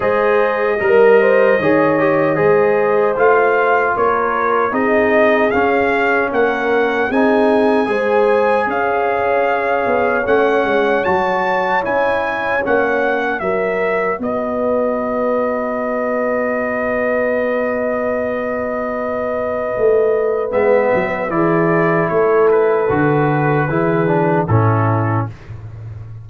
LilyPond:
<<
  \new Staff \with { instrumentName = "trumpet" } { \time 4/4 \tempo 4 = 76 dis''1 | f''4 cis''4 dis''4 f''4 | fis''4 gis''2 f''4~ | f''4 fis''4 a''4 gis''4 |
fis''4 e''4 dis''2~ | dis''1~ | dis''2 e''4 d''4 | cis''8 b'2~ b'8 a'4 | }
  \new Staff \with { instrumentName = "horn" } { \time 4/4 c''4 ais'8 c''8 cis''4 c''4~ | c''4 ais'4 gis'2 | ais'4 gis'4 c''4 cis''4~ | cis''1~ |
cis''4 ais'4 b'2~ | b'1~ | b'2. gis'4 | a'2 gis'4 e'4 | }
  \new Staff \with { instrumentName = "trombone" } { \time 4/4 gis'4 ais'4 gis'8 g'8 gis'4 | f'2 dis'4 cis'4~ | cis'4 dis'4 gis'2~ | gis'4 cis'4 fis'4 e'4 |
cis'4 fis'2.~ | fis'1~ | fis'2 b4 e'4~ | e'4 fis'4 e'8 d'8 cis'4 | }
  \new Staff \with { instrumentName = "tuba" } { \time 4/4 gis4 g4 dis4 gis4 | a4 ais4 c'4 cis'4 | ais4 c'4 gis4 cis'4~ | cis'8 b8 a8 gis8 fis4 cis'4 |
ais4 fis4 b2~ | b1~ | b4 a4 gis8 fis8 e4 | a4 d4 e4 a,4 | }
>>